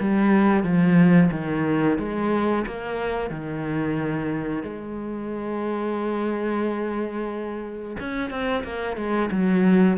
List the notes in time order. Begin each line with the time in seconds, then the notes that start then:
0.00 G3
0.63 F3
1.31 D#3
1.98 G#3
2.66 A#3
3.30 D#3
4.63 G#3
7.99 C#4
8.30 C4
8.64 A#3
8.96 G#3
9.31 F#3